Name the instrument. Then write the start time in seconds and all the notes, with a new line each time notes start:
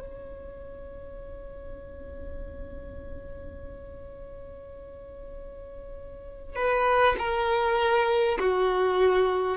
violin
0.00 C#5
6.56 B4
7.18 A#4
8.39 F#4